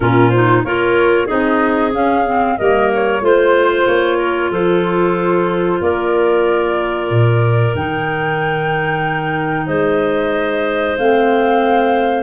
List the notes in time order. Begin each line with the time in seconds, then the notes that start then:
0.00 A#2 C#4 F4 A#4
0.29 D#4 C5
0.63 A#3 F4 A#4 C#5
1.26 C4 D#4 G#4 D#5
1.92 C#4 F5
2.25 C4
2.58 G3 A#3 A#4 D#5
2.94 C#5
3.21 A3 F4 C5
3.86 A#3 C#5
4.17 A#4
4.50 F3 A4 C5
5.81 A#3 A#4 D5
7.10 A#2
7.75 D#3 D#4 G5
9.66 G#3 C5 D#5
10.97 A3 C4 F5